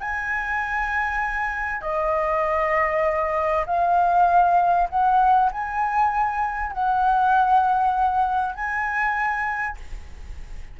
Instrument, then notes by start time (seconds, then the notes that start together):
flute
0.00 G#5
1.81 D#5
3.66 F5
4.89 F#5
5.51 G#5
6.72 F#5
8.54 G#5